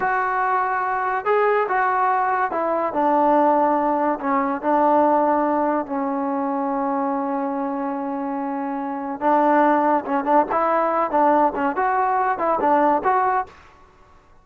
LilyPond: \new Staff \with { instrumentName = "trombone" } { \time 4/4 \tempo 4 = 143 fis'2. gis'4 | fis'2 e'4 d'4~ | d'2 cis'4 d'4~ | d'2 cis'2~ |
cis'1~ | cis'2 d'2 | cis'8 d'8 e'4. d'4 cis'8 | fis'4. e'8 d'4 fis'4 | }